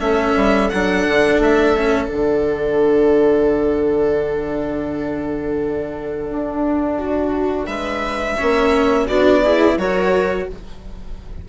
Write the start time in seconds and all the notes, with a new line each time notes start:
0.00 A3 C#4 A4 E5
0.36 G3
0.70 F#3 D4 F#5
1.07 D3
1.39 A3 E5
1.77 C#4
2.08 D3 D4 F#5
6.30 D4
6.99 F#4
7.67 G#3 B4 E5
8.37 A#3 C#4 C#5
9.06 B3 D4 F#4 D5
9.43 E4 G#4
9.77 F#3 F#4 A#4 C#5